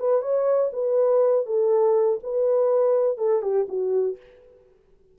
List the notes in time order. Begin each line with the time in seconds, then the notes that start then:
0.00 B4
0.22 C#5
0.73 B4
1.46 A4
2.24 B4
3.18 A4
3.42 G4
3.69 F#4